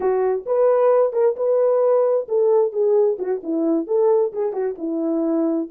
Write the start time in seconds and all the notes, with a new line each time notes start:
0.00 F#4
0.45 B4
1.12 A#4
1.36 B4
2.28 A4
2.72 G#4
3.18 F#4
3.43 E4
3.87 A4
4.32 G#4
4.52 F#4
4.77 E4